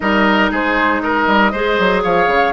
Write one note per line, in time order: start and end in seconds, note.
0.00 0.51 G3
0.00 1.53 D#4
0.00 0.51 A#4
0.00 0.51 D#5
0.51 1.27 G#3
0.51 1.02 G#4
0.51 1.01 C5
1.01 1.52 A#4
1.01 2.02 D#5
1.27 1.52 G3
1.52 1.78 G#3
1.52 2.52 G#4
1.52 2.02 C5
1.78 2.04 F#3
2.03 2.27 F3
2.03 2.52 C#5
2.03 2.52 F5
2.27 2.52 C#3